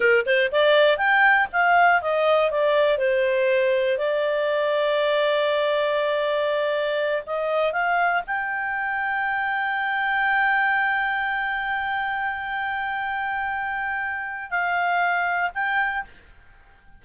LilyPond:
\new Staff \with { instrumentName = "clarinet" } { \time 4/4 \tempo 4 = 120 ais'8 c''8 d''4 g''4 f''4 | dis''4 d''4 c''2 | d''1~ | d''2~ d''8 dis''4 f''8~ |
f''8 g''2.~ g''8~ | g''1~ | g''1~ | g''4 f''2 g''4 | }